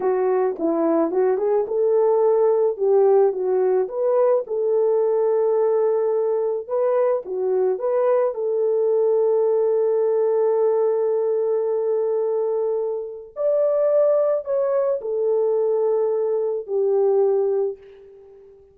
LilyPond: \new Staff \with { instrumentName = "horn" } { \time 4/4 \tempo 4 = 108 fis'4 e'4 fis'8 gis'8 a'4~ | a'4 g'4 fis'4 b'4 | a'1 | b'4 fis'4 b'4 a'4~ |
a'1~ | a'1 | d''2 cis''4 a'4~ | a'2 g'2 | }